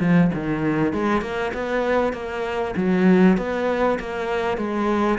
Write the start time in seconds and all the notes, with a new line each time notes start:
0.00 F3
0.34 D#3
0.93 G#3
1.21 A#3
1.54 B3
2.13 A#3
2.76 F#3
3.38 B3
3.99 A#3
4.58 G#3